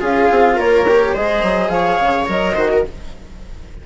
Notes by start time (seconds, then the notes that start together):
0.00 C#4 F4 G#4 F5
0.31 C4
0.56 A#3 A#4 C#5
0.88 G4
1.13 G#3 G#4 C5 D#5
1.43 F#3
1.69 F3 C#5 F5
2.00 C#3
2.27 F#3 A#4 D#5
2.54 D#3 F#4 C5
2.72 A#4